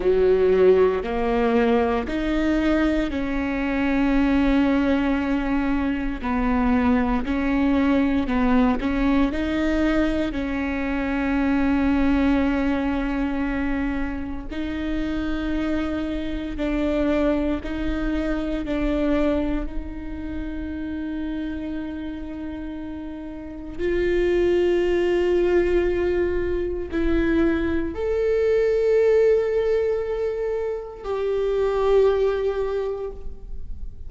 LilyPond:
\new Staff \with { instrumentName = "viola" } { \time 4/4 \tempo 4 = 58 fis4 ais4 dis'4 cis'4~ | cis'2 b4 cis'4 | b8 cis'8 dis'4 cis'2~ | cis'2 dis'2 |
d'4 dis'4 d'4 dis'4~ | dis'2. f'4~ | f'2 e'4 a'4~ | a'2 g'2 | }